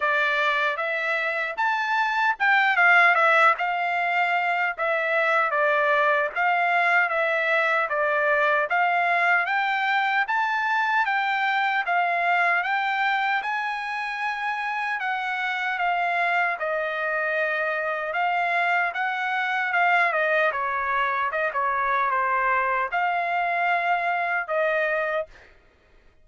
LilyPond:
\new Staff \with { instrumentName = "trumpet" } { \time 4/4 \tempo 4 = 76 d''4 e''4 a''4 g''8 f''8 | e''8 f''4. e''4 d''4 | f''4 e''4 d''4 f''4 | g''4 a''4 g''4 f''4 |
g''4 gis''2 fis''4 | f''4 dis''2 f''4 | fis''4 f''8 dis''8 cis''4 dis''16 cis''8. | c''4 f''2 dis''4 | }